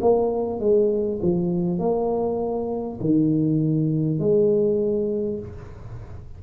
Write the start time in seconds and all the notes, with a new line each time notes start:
0.00 A#3
0.59 G#3
1.22 F3
1.78 A#3
3.00 D#3
4.19 G#3